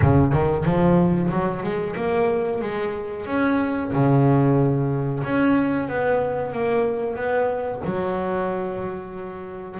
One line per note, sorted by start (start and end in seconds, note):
0.01 0.33 C#3
0.33 0.64 D#3
0.64 1.30 F3
1.30 1.63 F#3
1.63 1.95 G#3
1.96 2.61 A#3
2.61 3.26 G#3
3.26 3.91 C#4
3.92 5.23 C#3
5.24 5.88 C#4
5.88 6.52 B3
6.52 7.16 A#3
7.16 7.81 B3
7.84 9.80 F#3